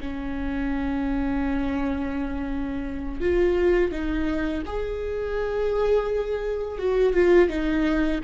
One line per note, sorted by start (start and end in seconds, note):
0.00 3.21 C#4
3.21 3.92 F4
3.92 4.63 D#4
4.66 6.79 G#4
6.79 7.14 F#4
7.14 7.49 F4
7.50 8.21 D#4